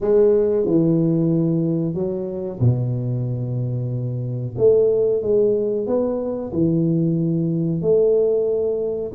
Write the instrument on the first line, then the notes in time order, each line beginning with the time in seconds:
tuba
0.00 G#3
0.66 E3
1.94 F#3
2.59 B2
4.57 A3
5.22 G#3
5.86 B3
6.52 E3
7.81 A3